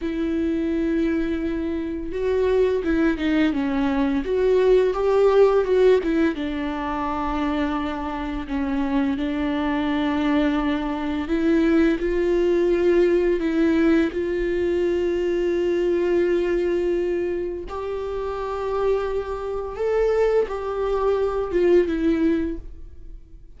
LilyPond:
\new Staff \with { instrumentName = "viola" } { \time 4/4 \tempo 4 = 85 e'2. fis'4 | e'8 dis'8 cis'4 fis'4 g'4 | fis'8 e'8 d'2. | cis'4 d'2. |
e'4 f'2 e'4 | f'1~ | f'4 g'2. | a'4 g'4. f'8 e'4 | }